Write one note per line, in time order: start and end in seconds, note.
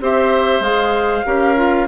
0.00 0.60 C4
0.00 0.63 G4
0.00 1.26 C5
0.00 0.62 E5
0.60 1.22 G#3
0.60 1.24 G#4
0.60 1.87 F5
1.24 1.88 C#4
1.24 1.55 G4
1.24 1.88 A#4
1.55 1.86 F4